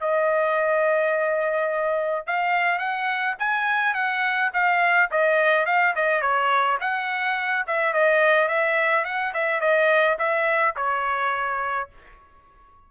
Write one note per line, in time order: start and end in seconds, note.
0.00 2.26 D#5
2.26 2.78 F5
2.78 3.35 F#5
3.39 3.94 G#5
3.94 4.51 F#5
4.53 5.10 F5
5.11 5.66 D#5
5.66 5.94 F5
5.95 6.21 D#5
6.21 6.78 C#5
6.81 7.65 F#5
7.67 7.93 E5
7.93 8.48 D#5
8.48 9.04 E5
9.04 9.33 F#5
9.33 9.60 E5
9.60 10.17 D#5
10.18 10.75 E5
10.76 11.89 C#5